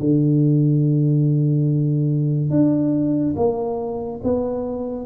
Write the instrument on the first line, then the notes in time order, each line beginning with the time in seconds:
tuba
0.00 D3
2.51 D4
3.37 A#3
4.24 B3